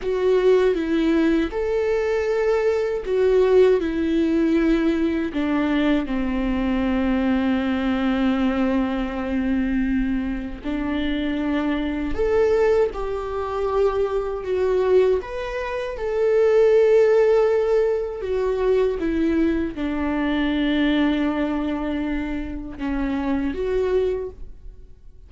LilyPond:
\new Staff \with { instrumentName = "viola" } { \time 4/4 \tempo 4 = 79 fis'4 e'4 a'2 | fis'4 e'2 d'4 | c'1~ | c'2 d'2 |
a'4 g'2 fis'4 | b'4 a'2. | fis'4 e'4 d'2~ | d'2 cis'4 fis'4 | }